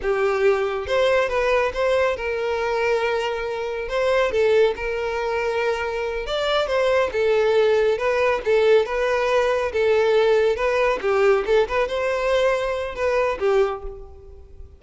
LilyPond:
\new Staff \with { instrumentName = "violin" } { \time 4/4 \tempo 4 = 139 g'2 c''4 b'4 | c''4 ais'2.~ | ais'4 c''4 a'4 ais'4~ | ais'2~ ais'8 d''4 c''8~ |
c''8 a'2 b'4 a'8~ | a'8 b'2 a'4.~ | a'8 b'4 g'4 a'8 b'8 c''8~ | c''2 b'4 g'4 | }